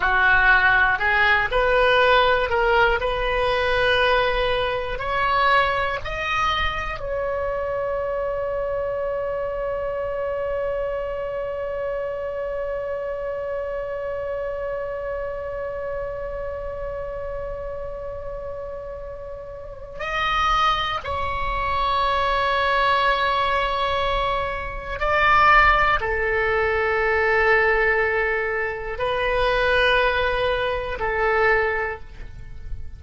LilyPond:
\new Staff \with { instrumentName = "oboe" } { \time 4/4 \tempo 4 = 60 fis'4 gis'8 b'4 ais'8 b'4~ | b'4 cis''4 dis''4 cis''4~ | cis''1~ | cis''1~ |
cis''1 | dis''4 cis''2.~ | cis''4 d''4 a'2~ | a'4 b'2 a'4 | }